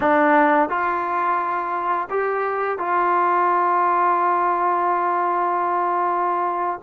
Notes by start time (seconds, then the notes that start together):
0.00 D4
0.68 F4
2.09 G4
2.78 F4